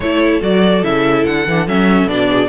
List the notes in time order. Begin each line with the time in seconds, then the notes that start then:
0.00 A3 E4 A4 C#5
0.41 F#3 F#4 D5
0.82 C#3 E4 E5
1.25 D3 F#5
1.47 E3 D4
1.66 F#3 C#4 E5
2.06 B2 D4 D5
2.28 G#4